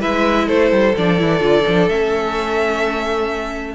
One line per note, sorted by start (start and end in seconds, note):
0.00 0.49 G#3
0.00 0.94 E4
0.00 0.45 B4
0.00 0.48 E5
0.45 0.71 A3
0.45 3.74 A4
0.45 0.95 C5
0.71 0.94 G3
0.97 1.21 F3
0.97 1.18 D4
0.97 1.88 D5
1.18 1.40 E3
1.18 1.40 E4
1.40 1.64 D3
1.40 1.63 F4
1.67 1.88 F3
1.67 1.90 D4
1.88 3.74 A3
1.88 3.74 C#4
1.88 3.74 E5